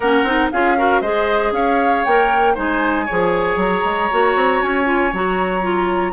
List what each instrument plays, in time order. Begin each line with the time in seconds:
0.00 bassoon A#3, clarinet C#4, oboe A#4, flute F#5
0.23 bassoon C4, clarinet D#4
0.51 bassoon C#4, clarinet F4, oboe G#4, flute F5
0.77 clarinet F#4, oboe A#4
1.01 bassoon G#3, clarinet G#4, oboe C5, flute D#5
1.52 bassoon C#4, oboe C#5, flute F5
2.04 bassoon A#3, clarinet A#4, flute G5
2.54 bassoon G#3, clarinet D#4, oboe C5, flute G#5
3.05 bassoon F3, clarinet G#4, oboe C#5
3.56 bassoon F#3, flute A#5
3.83 bassoon G#3
4.10 bassoon A#3, clarinet F#4
4.35 bassoon C4
4.62 bassoon C#4, flute G#5
4.84 clarinet F4
5.12 bassoon F#3, clarinet F#4, flute A#5
5.61 clarinet F4